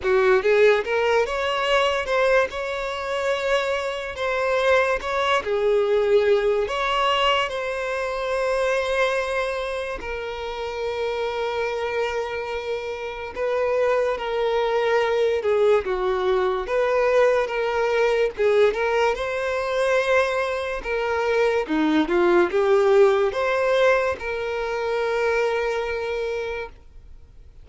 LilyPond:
\new Staff \with { instrumentName = "violin" } { \time 4/4 \tempo 4 = 72 fis'8 gis'8 ais'8 cis''4 c''8 cis''4~ | cis''4 c''4 cis''8 gis'4. | cis''4 c''2. | ais'1 |
b'4 ais'4. gis'8 fis'4 | b'4 ais'4 gis'8 ais'8 c''4~ | c''4 ais'4 dis'8 f'8 g'4 | c''4 ais'2. | }